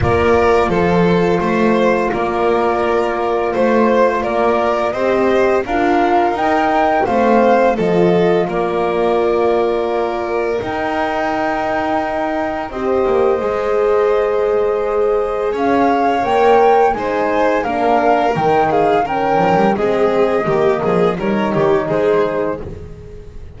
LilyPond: <<
  \new Staff \with { instrumentName = "flute" } { \time 4/4 \tempo 4 = 85 d''4 c''2 d''4~ | d''4 c''4 d''4 dis''4 | f''4 g''4 f''4 dis''4 | d''2. g''4~ |
g''2 dis''2~ | dis''2 f''4 g''4 | gis''4 f''4 g''8 f''8 g''4 | dis''2 cis''4 c''4 | }
  \new Staff \with { instrumentName = "violin" } { \time 4/4 ais'4 a'4 c''4 ais'4~ | ais'4 c''4 ais'4 c''4 | ais'2 c''4 a'4 | ais'1~ |
ais'2 c''2~ | c''2 cis''2 | c''4 ais'4. gis'8 ais'4 | gis'4 g'8 gis'8 ais'8 g'8 gis'4 | }
  \new Staff \with { instrumentName = "horn" } { \time 4/4 f'1~ | f'2. g'4 | f'4 dis'4 c'4 f'4~ | f'2. dis'4~ |
dis'2 g'4 gis'4~ | gis'2. ais'4 | dis'4 d'4 dis'4 cis'4 | c'4 ais4 dis'2 | }
  \new Staff \with { instrumentName = "double bass" } { \time 4/4 ais4 f4 a4 ais4~ | ais4 a4 ais4 c'4 | d'4 dis'4 a4 f4 | ais2. dis'4~ |
dis'2 c'8 ais8 gis4~ | gis2 cis'4 ais4 | gis4 ais4 dis4. f16 g16 | gis4 dis8 f8 g8 dis8 gis4 | }
>>